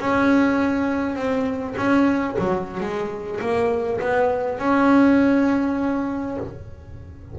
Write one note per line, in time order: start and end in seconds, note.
0.00 1.16 C#4
1.16 1.75 C4
1.77 2.37 C#4
2.39 2.81 F#3
2.81 3.40 G#3
3.41 4.00 A#3
4.01 4.59 B3
4.59 6.38 C#4